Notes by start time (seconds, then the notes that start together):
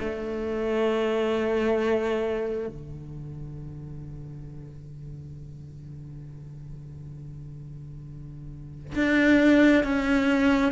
0.00 A3
2.68 D3
8.96 D4
9.84 C#4